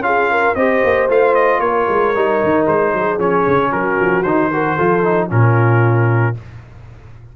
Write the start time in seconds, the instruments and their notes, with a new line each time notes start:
0.00 tuba C#4, trombone F4, trumpet F5
0.06 horn G#4
0.32 horn A#4
0.55 tuba C4, trombone G4, horn C5, trumpet D#5
0.84 tuba A#3
1.09 tuba A3, trombone F4, trumpet F5
1.35 trumpet D#5
1.60 tuba A#3, horn A#4, trumpet C#5
1.89 tuba G#3
2.15 tuba G3, trombone D#4
2.44 tuba D#3
2.67 tuba G#3, trumpet C5
2.93 tuba F#3, horn G#4
3.19 tuba F3, trombone C#4, trumpet C#5
3.47 tuba C#3
3.71 tuba F#3, horn F#4, trumpet A#4
4.01 tuba F3
4.23 tuba D#3, trombone D#4, trumpet C5
4.53 trombone F#4, horn A#4
4.76 tuba F3, trombone F4, horn A4
5.04 trombone D#4
5.30 tuba A#2, trombone C#4, horn F4, trumpet A#4